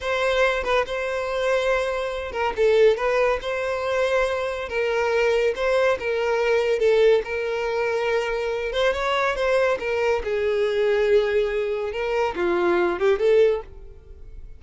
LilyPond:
\new Staff \with { instrumentName = "violin" } { \time 4/4 \tempo 4 = 141 c''4. b'8 c''2~ | c''4. ais'8 a'4 b'4 | c''2. ais'4~ | ais'4 c''4 ais'2 |
a'4 ais'2.~ | ais'8 c''8 cis''4 c''4 ais'4 | gis'1 | ais'4 f'4. g'8 a'4 | }